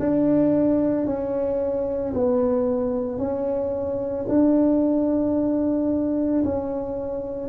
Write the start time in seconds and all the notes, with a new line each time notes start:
0.00 D4
1.07 C#4
2.14 B3
3.19 C#4
4.29 D4
6.45 C#4